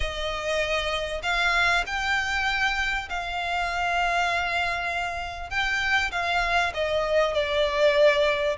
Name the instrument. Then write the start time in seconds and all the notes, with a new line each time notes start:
violin
0.00 D#5
1.22 F5
1.86 G5
3.09 F5
5.50 G5
6.11 F5
6.74 D#5
7.34 D5